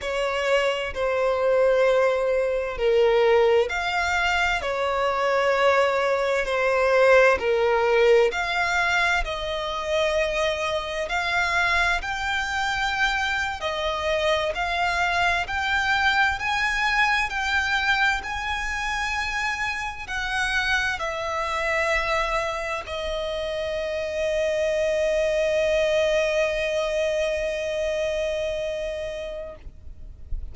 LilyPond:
\new Staff \with { instrumentName = "violin" } { \time 4/4 \tempo 4 = 65 cis''4 c''2 ais'4 | f''4 cis''2 c''4 | ais'4 f''4 dis''2 | f''4 g''4.~ g''16 dis''4 f''16~ |
f''8. g''4 gis''4 g''4 gis''16~ | gis''4.~ gis''16 fis''4 e''4~ e''16~ | e''8. dis''2.~ dis''16~ | dis''1 | }